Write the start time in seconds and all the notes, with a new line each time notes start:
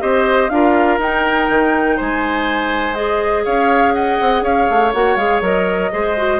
0.00 C4 G4 C5 D#5
0.49 D4 F4 A#4 F5
0.98 D#4 G5
1.49 D#3
1.96 G#3 C5 G#5
2.94 G#4 D#5
3.44 C#4 C#5 F5
3.93 D#5 F#5
4.20 C4
4.41 C#4 C#5 F5
4.70 A3
4.93 A#3 F#4 F#5
5.16 G#3 G#4 F5
5.41 F#3 A#4 D#5
5.91 G#3 G#4 C5
6.16 F#4